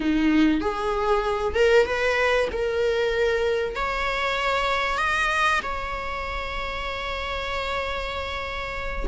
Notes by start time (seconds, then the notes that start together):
0.00 D#4
0.61 G#4
1.55 A#4
1.86 B4
2.51 A#4
3.75 C#5
4.97 D#5
5.62 C#5